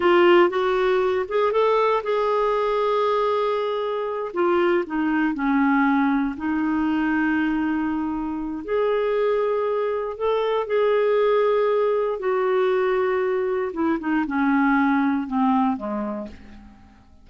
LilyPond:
\new Staff \with { instrumentName = "clarinet" } { \time 4/4 \tempo 4 = 118 f'4 fis'4. gis'8 a'4 | gis'1~ | gis'8 f'4 dis'4 cis'4.~ | cis'8 dis'2.~ dis'8~ |
dis'4 gis'2. | a'4 gis'2. | fis'2. e'8 dis'8 | cis'2 c'4 gis4 | }